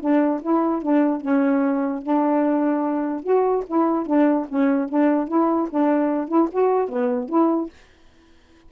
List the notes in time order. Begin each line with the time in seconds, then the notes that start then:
0.00 D4
0.42 E4
0.82 D4
1.21 C#4
2.02 D4
3.23 F#4
3.67 E4
4.06 D4
4.48 C#4
4.89 D4
5.28 E4
5.70 D4
6.28 E4
6.51 F#4
6.88 B3
7.28 E4